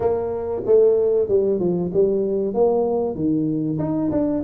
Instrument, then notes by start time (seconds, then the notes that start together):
tuba
0.00 A#3
0.65 A3
1.28 G3
1.59 F3
1.93 G3
2.53 A#3
3.15 D#3
3.78 D#4
4.11 D4